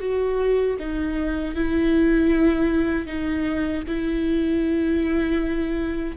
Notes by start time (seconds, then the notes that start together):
0.00 F#4
0.80 D#4
1.56 E4
3.07 D#4
3.88 E4